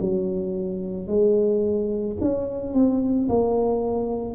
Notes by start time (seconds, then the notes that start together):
0.00 F#3
1.08 G#3
2.21 C#4
2.74 C4
3.29 A#3